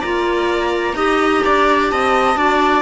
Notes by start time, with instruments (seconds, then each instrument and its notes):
0.00 cello A#3, clarinet F4, viola D5, flute A#5
0.94 cello D#4, clarinet G4, viola D#5
1.45 cello D4, viola D5
1.90 cello C4, viola D#5, flute A5
2.36 cello D4, clarinet F#4, viola D5